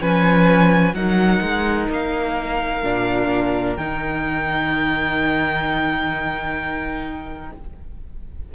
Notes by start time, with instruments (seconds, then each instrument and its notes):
0.00 cello F3, viola C#4, violin B4 G#5
0.93 cello F#3, viola D#4, violin A#4 F#5
1.42 cello G#3
1.90 cello A#3, violin F5
2.83 cello A#2, viola D4
3.76 cello D#3, viola D#4, violin G5